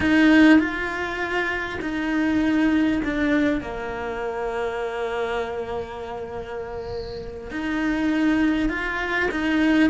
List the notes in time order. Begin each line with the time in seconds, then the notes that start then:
0.00 D#4
0.59 F4
1.81 D#4
3.04 D4
3.61 A#3
7.50 D#4
8.69 F4
9.31 D#4